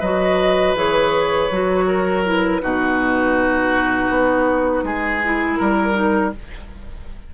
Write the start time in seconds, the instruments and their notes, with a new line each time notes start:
0.00 bassoon F#3, clarinet F#4, oboe B4, flute D#5
0.75 bassoon E3, clarinet G#4, flute C#5
1.51 bassoon F#3, clarinet F#4
1.87 oboe A#4
2.24 clarinet E4, flute B4
2.61 bassoon B2, clarinet D#4, oboe F#4
4.09 bassoon B3
4.83 bassoon G#3, oboe G#4
5.24 clarinet E4
5.56 bassoon G3, flute A#4, oboe A#4
5.93 clarinet D#4